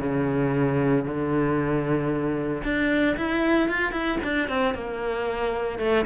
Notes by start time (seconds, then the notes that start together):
0.00 C#3
1.05 D3
2.64 D4
3.17 E4
3.69 F4
3.92 E4
4.24 D4
4.49 C4
4.75 A#3
5.79 A3